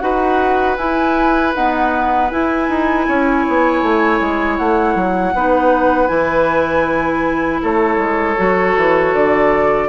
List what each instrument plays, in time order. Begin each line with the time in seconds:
0.00 bassoon D#4, clarinet F#4, oboe B4, flute F#5
0.78 bassoon E4, clarinet E4, flute G#5
1.55 clarinet B3, bassoon D#4, flute F#5
2.31 clarinet E4, bassoon E4, flute G#5
2.69 bassoon D#4
3.08 bassoon C#4, oboe C#5
3.49 bassoon B3
3.83 bassoon A3
4.21 bassoon G#3
4.58 bassoon A3, flute F#5
4.95 bassoon F#3
5.35 bassoon B3, clarinet D#4, oboe B4
6.08 bassoon E3, clarinet E4, flute G#5
7.63 bassoon A3, oboe A4, flute C#5
7.98 bassoon G#3
8.37 bassoon F#3, clarinet F#4
8.77 bassoon E3
9.14 bassoon D3, flute D5